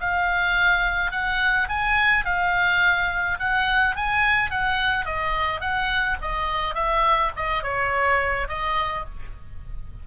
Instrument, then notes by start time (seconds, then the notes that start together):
oboe
0.00 F5
1.11 F#5
1.69 G#5
2.25 F5
3.39 F#5
3.95 G#5
4.51 F#5
5.05 D#5
5.60 F#5
6.21 D#5
6.75 E5
7.36 D#5
7.63 C#5
8.48 D#5